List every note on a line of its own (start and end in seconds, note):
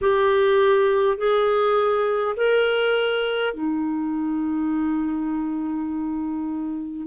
0.01 1.17 G4
1.17 2.35 G#4
2.36 3.53 A#4
3.53 7.06 D#4